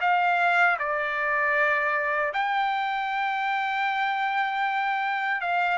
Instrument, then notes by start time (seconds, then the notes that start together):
trumpet
0.00 F5
0.79 D5
2.33 G5
5.41 F5